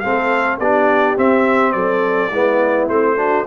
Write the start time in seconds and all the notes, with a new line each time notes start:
0.00 A3 C4 A4 F5
0.59 B3 D4 G4 D5
1.17 C4 E5
1.72 F#3 A4 D5
2.30 G#3 B3 E4
2.89 A3 C4 C5
3.17 D4 F#4